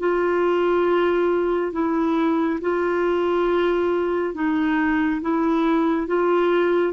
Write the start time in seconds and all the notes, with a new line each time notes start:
0.00 F4
1.73 E4
2.61 F4
4.35 D#4
5.22 E4
6.07 F4